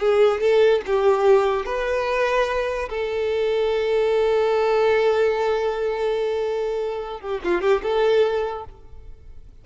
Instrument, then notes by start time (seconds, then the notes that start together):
violin
0.00 G#4
0.41 A4
0.86 G4
1.66 B4
2.89 A4
7.21 G4
7.44 F4
7.61 G4
7.83 A4